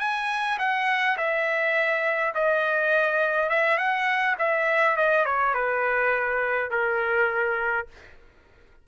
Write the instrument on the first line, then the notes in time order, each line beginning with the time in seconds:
trumpet
0.00 G#5
0.59 F#5
1.18 E5
2.35 D#5
3.50 E5
3.78 F#5
4.39 E5
4.97 D#5
5.26 C#5
5.55 B4
6.71 A#4